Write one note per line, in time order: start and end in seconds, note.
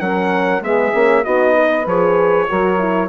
0.00 0.61 F#3
0.00 0.62 C#4
0.00 0.62 A#4
0.00 0.62 F#5
0.61 0.92 G#3
0.61 0.92 B3
0.61 1.23 G#4
0.61 1.25 E5
0.92 1.25 A#3
0.92 1.23 C#4
1.23 1.86 B3
1.23 1.85 D#4
1.23 1.54 F#4
1.23 1.86 D#5
1.54 2.47 B4
1.86 2.48 F3
1.86 2.49 G#4
1.86 3.09 C#5
2.49 3.09 F#3
2.49 2.78 F#4
2.49 3.09 A#4
2.78 3.09 E4